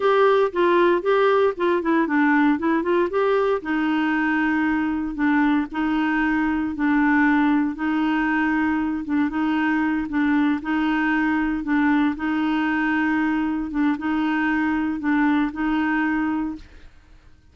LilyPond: \new Staff \with { instrumentName = "clarinet" } { \time 4/4 \tempo 4 = 116 g'4 f'4 g'4 f'8 e'8 | d'4 e'8 f'8 g'4 dis'4~ | dis'2 d'4 dis'4~ | dis'4 d'2 dis'4~ |
dis'4. d'8 dis'4. d'8~ | d'8 dis'2 d'4 dis'8~ | dis'2~ dis'8 d'8 dis'4~ | dis'4 d'4 dis'2 | }